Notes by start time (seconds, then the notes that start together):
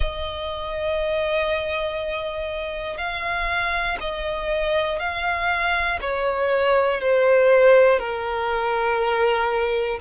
0.00 D#5
2.97 F5
4.00 D#5
4.99 F5
6.00 C#5
7.00 C5
7.99 A#4